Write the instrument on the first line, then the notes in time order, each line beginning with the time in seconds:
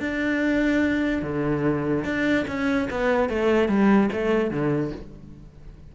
cello
0.00 D4
1.23 D3
2.05 D4
2.48 C#4
2.91 B3
3.30 A3
3.69 G3
4.13 A3
4.51 D3